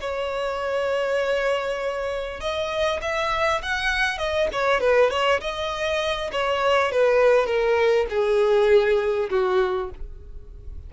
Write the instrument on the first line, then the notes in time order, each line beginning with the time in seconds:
violin
0.00 C#5
2.40 D#5
3.01 E5
3.62 F#5
4.18 D#5
4.52 C#5
4.80 B4
5.10 C#5
5.40 D#5
6.32 C#5
6.91 B4
7.46 A#4
8.09 G#4
9.30 F#4